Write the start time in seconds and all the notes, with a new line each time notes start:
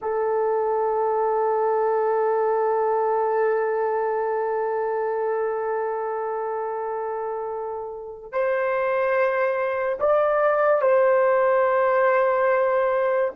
0.02 A4
8.31 C5
10.00 D5
10.81 C5